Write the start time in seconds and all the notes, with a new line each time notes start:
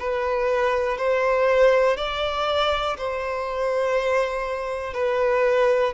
0.00 B4
0.98 C5
1.97 D5
2.98 C5
4.94 B4